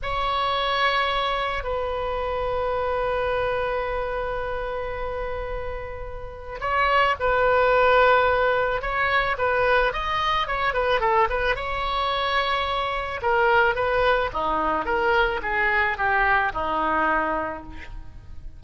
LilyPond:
\new Staff \with { instrumentName = "oboe" } { \time 4/4 \tempo 4 = 109 cis''2. b'4~ | b'1~ | b'1 | cis''4 b'2. |
cis''4 b'4 dis''4 cis''8 b'8 | a'8 b'8 cis''2. | ais'4 b'4 dis'4 ais'4 | gis'4 g'4 dis'2 | }